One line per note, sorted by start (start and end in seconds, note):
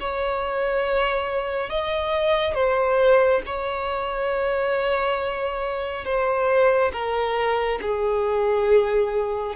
0.00 1.70 C#5
1.70 2.55 D#5
2.55 3.42 C5
3.46 6.05 C#5
6.05 6.92 C5
6.92 7.79 A#4
7.82 9.56 G#4